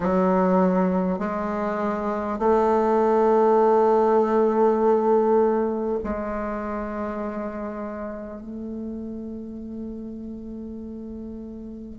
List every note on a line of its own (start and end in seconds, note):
0.00 1.18 F#3
1.18 2.38 G#3
2.38 5.98 A3
6.03 8.41 G#3
8.41 11.98 A3